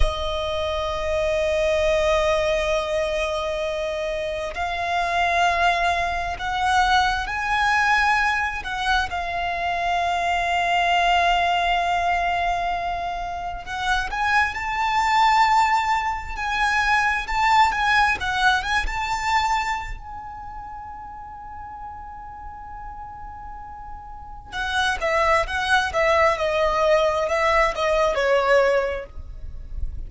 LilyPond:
\new Staff \with { instrumentName = "violin" } { \time 4/4 \tempo 4 = 66 dis''1~ | dis''4 f''2 fis''4 | gis''4. fis''8 f''2~ | f''2. fis''8 gis''8 |
a''2 gis''4 a''8 gis''8 | fis''8 gis''16 a''4~ a''16 gis''2~ | gis''2. fis''8 e''8 | fis''8 e''8 dis''4 e''8 dis''8 cis''4 | }